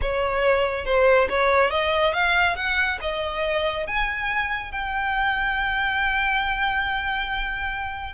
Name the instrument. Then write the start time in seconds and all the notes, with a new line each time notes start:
violin
0.01 C#5
0.85 C5
1.29 C#5
1.70 D#5
2.13 F5
2.55 F#5
3.01 D#5
3.86 G#5
4.71 G5